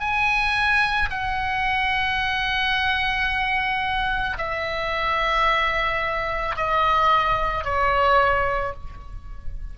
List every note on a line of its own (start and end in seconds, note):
0.00 1.09 G#5
1.11 4.38 F#5
4.38 6.57 E5
6.57 7.65 D#5
7.65 8.74 C#5